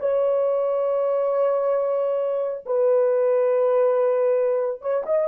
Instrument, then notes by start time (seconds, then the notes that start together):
horn
0.00 C#5
2.66 B4
4.81 C#5
5.06 D#5